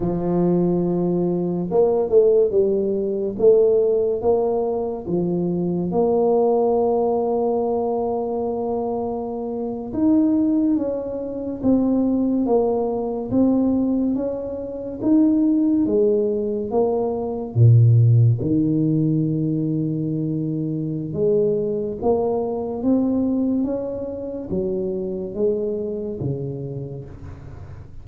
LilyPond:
\new Staff \with { instrumentName = "tuba" } { \time 4/4 \tempo 4 = 71 f2 ais8 a8 g4 | a4 ais4 f4 ais4~ | ais2.~ ais8. dis'16~ | dis'8. cis'4 c'4 ais4 c'16~ |
c'8. cis'4 dis'4 gis4 ais16~ | ais8. ais,4 dis2~ dis16~ | dis4 gis4 ais4 c'4 | cis'4 fis4 gis4 cis4 | }